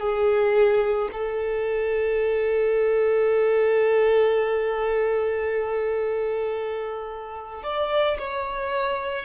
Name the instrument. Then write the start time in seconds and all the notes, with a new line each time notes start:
violin
0.00 G#4
1.12 A4
7.63 D5
8.19 C#5